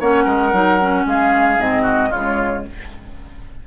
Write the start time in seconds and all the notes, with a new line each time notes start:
0.00 A#3 C#4 C#5 F#5
0.24 G#3 A#4
0.52 F#3 D#4
0.80 C#4
1.05 G#3 G#4 F5
1.59 G#2 C4 D#5
1.82 F#4
2.10 C#3 G#3 F4 C#5